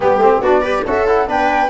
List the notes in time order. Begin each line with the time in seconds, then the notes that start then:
0.00 G3 B3 G4
0.17 A3 C4
0.40 B3 D4 F#4 D5
0.61 G4 B4
0.85 C#4 F#4 A4 E5
1.06 E4 F#5
1.27 B3 D4 B4 G5